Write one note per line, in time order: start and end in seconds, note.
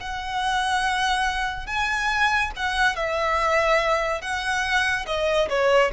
0.00 1.67 F#5
1.67 2.51 G#5
2.56 2.96 F#5
2.96 4.21 E5
4.21 5.06 F#5
5.07 5.49 D#5
5.49 5.91 C#5